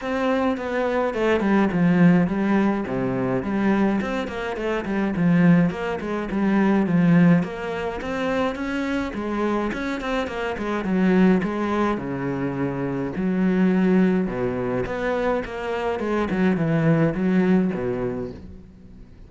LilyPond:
\new Staff \with { instrumentName = "cello" } { \time 4/4 \tempo 4 = 105 c'4 b4 a8 g8 f4 | g4 c4 g4 c'8 ais8 | a8 g8 f4 ais8 gis8 g4 | f4 ais4 c'4 cis'4 |
gis4 cis'8 c'8 ais8 gis8 fis4 | gis4 cis2 fis4~ | fis4 b,4 b4 ais4 | gis8 fis8 e4 fis4 b,4 | }